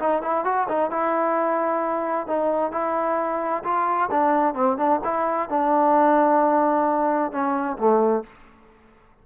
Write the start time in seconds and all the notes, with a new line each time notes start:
0.00 D#4
0.23 E4
0.45 F#4
0.69 D#4
0.91 E4
2.27 D#4
2.72 E4
3.64 F4
4.11 D4
4.55 C4
4.78 D4
5.05 E4
5.50 D4
7.32 C#4
7.78 A3